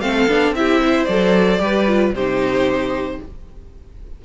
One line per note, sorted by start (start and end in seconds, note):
0.00 0.27 A3
0.00 0.28 C4
0.00 0.55 A4
0.00 0.54 F5
0.28 0.52 B3
0.28 0.55 D4
0.52 1.05 C4
0.52 1.09 E4
0.52 1.05 E5
0.58 0.81 G4
0.81 1.61 C5
1.05 1.60 F#3
1.05 1.60 A4
1.05 2.11 D5
1.60 2.13 G3
1.60 1.86 G4
1.60 2.15 B4
1.88 2.14 F4
2.13 3.19 C3
2.13 3.25 D#4
2.13 3.21 G4
2.13 3.22 C5